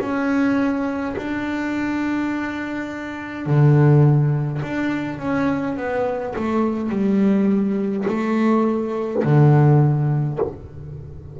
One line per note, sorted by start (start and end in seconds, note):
0.00 1.15 C#4
1.17 3.46 D4
3.46 4.61 D3
4.62 5.19 D4
5.19 5.76 C#4
5.76 6.34 B3
6.35 6.89 A3
6.89 8.05 G3
8.08 9.23 A3
9.24 10.39 D3